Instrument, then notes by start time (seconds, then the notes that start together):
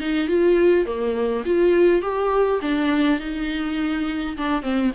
viola
0.00 D#4
0.28 F4
0.85 A#3
1.45 F4
2.02 G4
2.61 D4
3.20 D#4
4.37 D4
4.62 C4